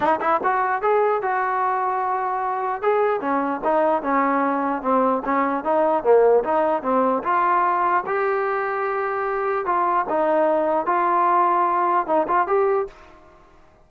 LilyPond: \new Staff \with { instrumentName = "trombone" } { \time 4/4 \tempo 4 = 149 dis'8 e'8 fis'4 gis'4 fis'4~ | fis'2. gis'4 | cis'4 dis'4 cis'2 | c'4 cis'4 dis'4 ais4 |
dis'4 c'4 f'2 | g'1 | f'4 dis'2 f'4~ | f'2 dis'8 f'8 g'4 | }